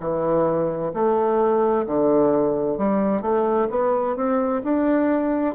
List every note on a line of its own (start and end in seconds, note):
0.00 0.92 E3
0.94 1.86 A3
1.87 2.78 D3
2.78 3.22 G3
3.22 3.68 A3
3.70 4.16 B3
4.16 4.62 C4
4.64 5.55 D4